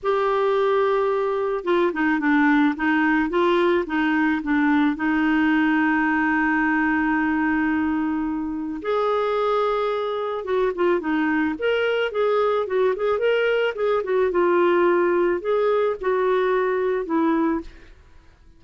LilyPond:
\new Staff \with { instrumentName = "clarinet" } { \time 4/4 \tempo 4 = 109 g'2. f'8 dis'8 | d'4 dis'4 f'4 dis'4 | d'4 dis'2.~ | dis'1 |
gis'2. fis'8 f'8 | dis'4 ais'4 gis'4 fis'8 gis'8 | ais'4 gis'8 fis'8 f'2 | gis'4 fis'2 e'4 | }